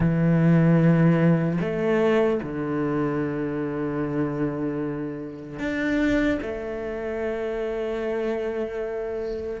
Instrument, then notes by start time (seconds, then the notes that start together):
cello
0.00 E3
1.60 A3
2.43 D3
5.59 D4
6.41 A3